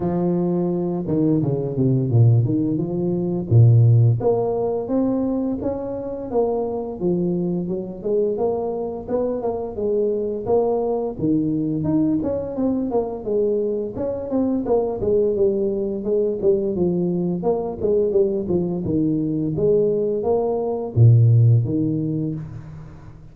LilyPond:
\new Staff \with { instrumentName = "tuba" } { \time 4/4 \tempo 4 = 86 f4. dis8 cis8 c8 ais,8 dis8 | f4 ais,4 ais4 c'4 | cis'4 ais4 f4 fis8 gis8 | ais4 b8 ais8 gis4 ais4 |
dis4 dis'8 cis'8 c'8 ais8 gis4 | cis'8 c'8 ais8 gis8 g4 gis8 g8 | f4 ais8 gis8 g8 f8 dis4 | gis4 ais4 ais,4 dis4 | }